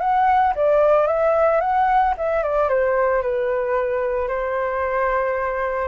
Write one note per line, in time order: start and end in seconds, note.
0.00 0.54 F#5
0.55 1.07 D5
1.07 1.60 E5
1.60 2.14 F#5
2.17 2.43 E5
2.43 2.69 D5
2.69 3.22 C5
3.22 4.28 B4
4.28 5.88 C5